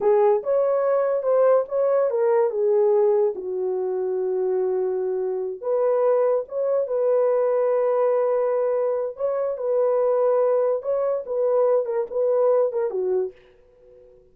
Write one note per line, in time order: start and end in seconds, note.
0.00 0.42 G#4
0.43 1.22 C#5
1.22 1.64 C5
1.68 2.10 C#5
2.10 2.50 A#4
2.50 3.33 G#4
3.35 5.61 F#4
5.61 6.44 B4
6.48 6.87 C#5
6.87 9.16 B4
9.16 9.57 C#5
9.57 10.82 B4
10.82 11.24 C#5
11.26 11.85 B4
11.85 12.06 A#4
12.10 12.72 B4
12.72 12.90 A#4
12.90 13.32 F#4